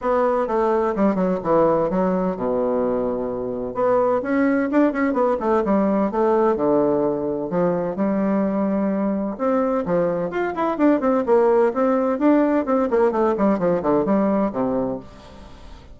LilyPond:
\new Staff \with { instrumentName = "bassoon" } { \time 4/4 \tempo 4 = 128 b4 a4 g8 fis8 e4 | fis4 b,2. | b4 cis'4 d'8 cis'8 b8 a8 | g4 a4 d2 |
f4 g2. | c'4 f4 f'8 e'8 d'8 c'8 | ais4 c'4 d'4 c'8 ais8 | a8 g8 f8 d8 g4 c4 | }